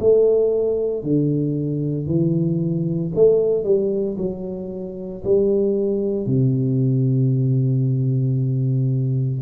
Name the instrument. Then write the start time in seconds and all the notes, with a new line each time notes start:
tuba
0.00 A3
1.03 D3
2.07 E3
3.15 A3
3.64 G3
4.18 F#3
5.24 G3
6.26 C3